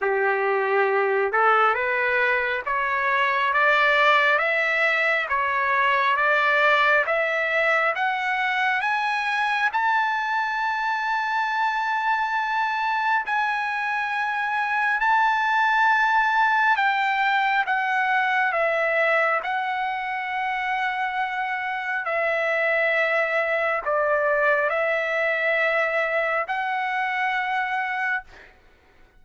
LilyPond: \new Staff \with { instrumentName = "trumpet" } { \time 4/4 \tempo 4 = 68 g'4. a'8 b'4 cis''4 | d''4 e''4 cis''4 d''4 | e''4 fis''4 gis''4 a''4~ | a''2. gis''4~ |
gis''4 a''2 g''4 | fis''4 e''4 fis''2~ | fis''4 e''2 d''4 | e''2 fis''2 | }